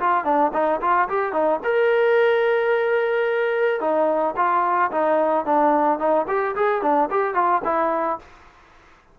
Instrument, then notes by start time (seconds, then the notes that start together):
trombone
0.00 F4
0.25 D4
0.53 D#4
0.82 F4
1.09 G4
1.33 D#4
1.64 A#4
3.81 D#4
4.37 F4
4.92 D#4
5.45 D4
5.99 D#4
6.28 G4
6.56 G#4
6.82 D4
7.11 G4
7.35 F4
7.65 E4